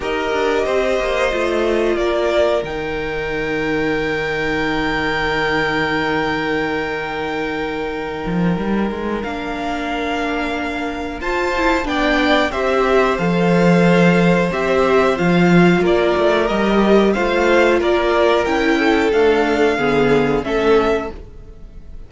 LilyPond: <<
  \new Staff \with { instrumentName = "violin" } { \time 4/4 \tempo 4 = 91 dis''2. d''4 | g''1~ | g''1~ | g''2 f''2~ |
f''4 a''4 g''4 e''4 | f''2 e''4 f''4 | d''4 dis''4 f''4 d''4 | g''4 f''2 e''4 | }
  \new Staff \with { instrumentName = "violin" } { \time 4/4 ais'4 c''2 ais'4~ | ais'1~ | ais'1~ | ais'1~ |
ais'4 c''4 d''4 c''4~ | c''1 | ais'2 c''4 ais'4~ | ais'8 a'4. gis'4 a'4 | }
  \new Staff \with { instrumentName = "viola" } { \time 4/4 g'2 f'2 | dis'1~ | dis'1~ | dis'2 d'2~ |
d'4 f'8 e'8 d'4 g'4 | a'2 g'4 f'4~ | f'4 g'4 f'2 | e'4 a4 b4 cis'4 | }
  \new Staff \with { instrumentName = "cello" } { \time 4/4 dis'8 d'8 c'8 ais8 a4 ais4 | dis1~ | dis1~ | dis8 f8 g8 gis8 ais2~ |
ais4 f'4 b4 c'4 | f2 c'4 f4 | ais8 a8 g4 a4 ais4 | cis'4 d'4 d4 a4 | }
>>